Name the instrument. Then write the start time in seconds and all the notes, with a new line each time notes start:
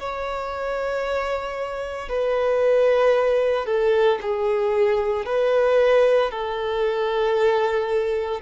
violin
0.00 C#5
2.09 B4
3.67 A4
4.22 G#4
5.26 B4
6.31 A4